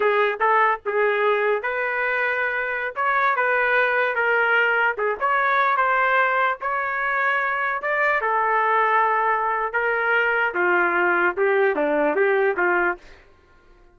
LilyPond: \new Staff \with { instrumentName = "trumpet" } { \time 4/4 \tempo 4 = 148 gis'4 a'4 gis'2 | b'2.~ b'16 cis''8.~ | cis''16 b'2 ais'4.~ ais'16~ | ais'16 gis'8 cis''4. c''4.~ c''16~ |
c''16 cis''2. d''8.~ | d''16 a'2.~ a'8. | ais'2 f'2 | g'4 d'4 g'4 f'4 | }